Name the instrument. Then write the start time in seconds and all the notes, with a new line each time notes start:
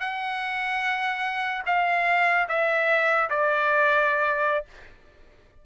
trumpet
0.00 F#5
1.66 F5
2.48 E5
3.29 D5